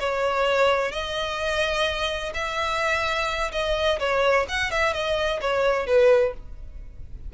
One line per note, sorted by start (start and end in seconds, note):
0.00 0.92 C#5
0.92 2.32 D#5
2.34 3.52 E5
3.52 3.99 D#5
4.00 4.46 C#5
4.49 4.71 F#5
4.71 4.93 E5
4.93 5.40 D#5
5.41 5.87 C#5
5.87 6.33 B4